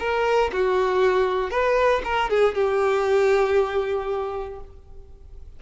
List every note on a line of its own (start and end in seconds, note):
0.00 0.51 A#4
0.53 1.51 F#4
1.51 2.02 B4
2.04 2.30 A#4
2.30 2.55 G#4
2.55 4.60 G4